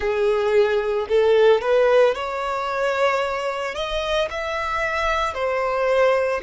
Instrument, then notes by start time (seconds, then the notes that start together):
violin
0.00 G#4
1.09 A4
1.61 B4
2.14 C#5
3.75 D#5
4.30 E5
5.33 C5